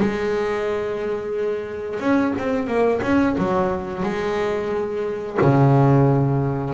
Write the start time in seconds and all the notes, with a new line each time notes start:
0.00 G#3
2.00 C#4
2.39 C4
2.68 A#3
3.03 C#4
3.38 F#3
4.03 G#3
5.42 C#3